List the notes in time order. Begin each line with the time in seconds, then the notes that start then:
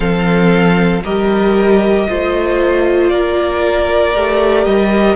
0.00 F3 C4 A4 F5
1.03 G3 G4 A#4 D#5
2.08 A3 F4 C5
3.09 A#3 A#4 D5
4.15 A3 G4
4.64 G3 D#5